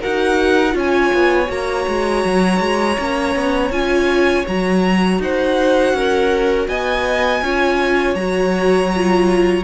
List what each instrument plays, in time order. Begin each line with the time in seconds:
0.00 cello D#4, viola F#4, violin A#4 F#5
0.71 cello C#4, viola F4, violin C#5
0.78 violin G#5
1.13 cello B3
1.47 cello A#3, viola F#4, violin A#5
1.88 cello G#3
2.25 cello F#3
2.60 cello G#3
2.98 cello A#3, viola C#4
3.35 cello B3
3.70 cello C#4, viola F4, violin G#5
4.46 cello F#3, viola F#4, violin A#5
5.19 cello D#4, violin C5 F#5
5.93 cello C#4, violin A#4
6.68 cello B3, violin D#5 G#5
7.42 cello C#4, viola F4, violin C#5
8.15 cello F#3, viola F#4, violin A#5
8.96 viola F4